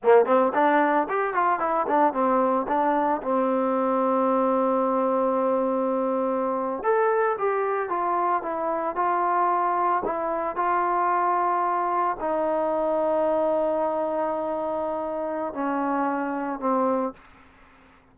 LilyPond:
\new Staff \with { instrumentName = "trombone" } { \time 4/4 \tempo 4 = 112 ais8 c'8 d'4 g'8 f'8 e'8 d'8 | c'4 d'4 c'2~ | c'1~ | c'8. a'4 g'4 f'4 e'16~ |
e'8. f'2 e'4 f'16~ | f'2~ f'8. dis'4~ dis'16~ | dis'1~ | dis'4 cis'2 c'4 | }